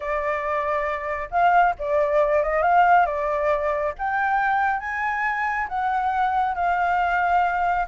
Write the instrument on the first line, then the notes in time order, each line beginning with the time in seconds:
flute
0.00 D5
1.30 F5
1.78 D5
2.42 D#5
2.62 F5
3.06 D5
3.98 G5
4.80 G#5
5.68 F#5
6.55 F5